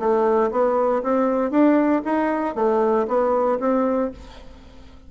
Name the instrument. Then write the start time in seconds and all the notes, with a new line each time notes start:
bassoon
0.00 A3
0.52 B3
1.03 C4
1.51 D4
2.05 D#4
2.56 A3
3.08 B3
3.60 C4